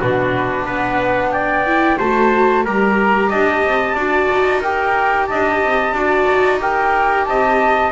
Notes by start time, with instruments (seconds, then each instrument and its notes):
0.00 double bass B2, viola D4, trumpet F#4, flute B4
0.66 double bass B3, trumpet B4, flute F#5
1.32 trumpet D5, flute G5
1.67 viola E4
1.98 double bass A3, viola F#4, trumpet C5, flute A5
2.65 double bass G3, viola G4, trumpet A#4, flute A#5
3.30 double bass D4, trumpet D#5, flute A5
3.65 double bass C4
3.95 double bass D4, viola F#4, trumpet D5
4.32 double bass D#4
4.62 viola G4, trumpet A#4, flute G5
5.27 double bass D4, trumpet D#5, flute A5
5.63 double bass C4
5.93 double bass D4, viola F#4, trumpet D5
6.29 double bass D#4
6.59 viola G4, trumpet A#4, flute G5
7.25 double bass C4, trumpet D#5, flute A5